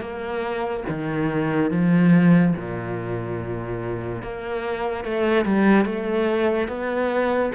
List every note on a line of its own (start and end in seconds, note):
0.00 0.83 A#3
0.88 1.70 D#3
1.70 2.54 F3
2.56 4.22 A#2
4.22 5.04 A#3
5.04 5.45 A3
5.45 5.85 G3
5.85 6.68 A3
6.68 7.51 B3